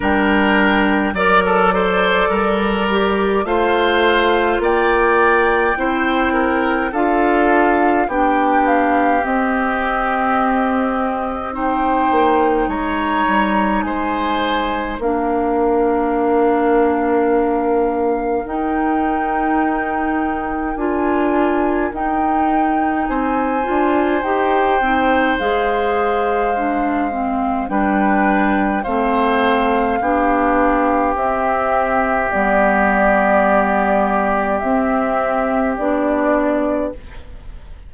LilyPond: <<
  \new Staff \with { instrumentName = "flute" } { \time 4/4 \tempo 4 = 52 g''4 d''2 f''4 | g''2 f''4 g''8 f''8 | dis''2 g''4 ais''4 | gis''4 f''2. |
g''2 gis''4 g''4 | gis''4 g''4 f''2 | g''4 f''2 e''4 | d''2 e''4 d''4 | }
  \new Staff \with { instrumentName = "oboe" } { \time 4/4 ais'4 d''16 a'16 c''8 ais'4 c''4 | d''4 c''8 ais'8 a'4 g'4~ | g'2 c''4 cis''4 | c''4 ais'2.~ |
ais'1 | c''1 | b'4 c''4 g'2~ | g'1 | }
  \new Staff \with { instrumentName = "clarinet" } { \time 4/4 d'4 ais'8 a'4 g'8 f'4~ | f'4 e'4 f'4 d'4 | c'2 dis'2~ | dis'4 d'2. |
dis'2 f'4 dis'4~ | dis'8 f'8 g'8 dis'8 gis'4 d'8 c'8 | d'4 c'4 d'4 c'4 | b2 c'4 d'4 | }
  \new Staff \with { instrumentName = "bassoon" } { \time 4/4 g4 fis4 g4 a4 | ais4 c'4 d'4 b4 | c'2~ c'8 ais8 gis8 g8 | gis4 ais2. |
dis'2 d'4 dis'4 | c'8 d'8 dis'8 c'8 gis2 | g4 a4 b4 c'4 | g2 c'4 b4 | }
>>